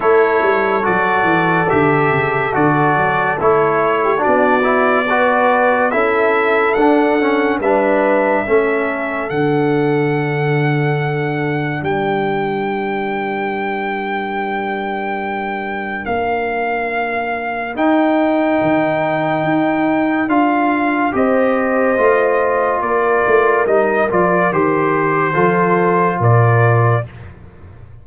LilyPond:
<<
  \new Staff \with { instrumentName = "trumpet" } { \time 4/4 \tempo 4 = 71 cis''4 d''4 e''4 d''4 | cis''4 d''2 e''4 | fis''4 e''2 fis''4~ | fis''2 g''2~ |
g''2. f''4~ | f''4 g''2. | f''4 dis''2 d''4 | dis''8 d''8 c''2 d''4 | }
  \new Staff \with { instrumentName = "horn" } { \time 4/4 a'1~ | a'8. g'16 fis'4 b'4 a'4~ | a'4 b'4 a'2~ | a'2 ais'2~ |
ais'1~ | ais'1~ | ais'4 c''2 ais'4~ | ais'2 a'4 ais'4 | }
  \new Staff \with { instrumentName = "trombone" } { \time 4/4 e'4 fis'4 g'4 fis'4 | e'4 d'8 e'8 fis'4 e'4 | d'8 cis'8 d'4 cis'4 d'4~ | d'1~ |
d'1~ | d'4 dis'2. | f'4 g'4 f'2 | dis'8 f'8 g'4 f'2 | }
  \new Staff \with { instrumentName = "tuba" } { \time 4/4 a8 g8 fis8 e8 d8 cis8 d8 fis8 | a4 b2 cis'4 | d'4 g4 a4 d4~ | d2 g2~ |
g2. ais4~ | ais4 dis'4 dis4 dis'4 | d'4 c'4 a4 ais8 a8 | g8 f8 dis4 f4 ais,4 | }
>>